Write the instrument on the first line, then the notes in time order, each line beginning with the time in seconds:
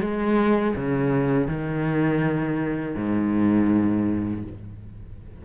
cello
0.00 G#3
0.75 C#3
1.47 D#3
2.95 G#2